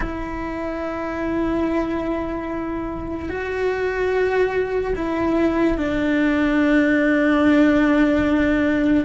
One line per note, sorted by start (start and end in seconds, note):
0.00 3.29 E4
3.29 4.93 F#4
4.95 5.77 E4
5.77 9.05 D4